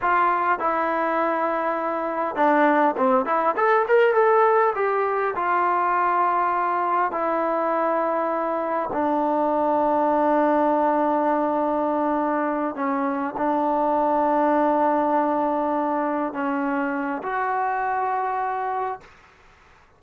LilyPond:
\new Staff \with { instrumentName = "trombone" } { \time 4/4 \tempo 4 = 101 f'4 e'2. | d'4 c'8 e'8 a'8 ais'8 a'4 | g'4 f'2. | e'2. d'4~ |
d'1~ | d'4. cis'4 d'4.~ | d'2.~ d'8 cis'8~ | cis'4 fis'2. | }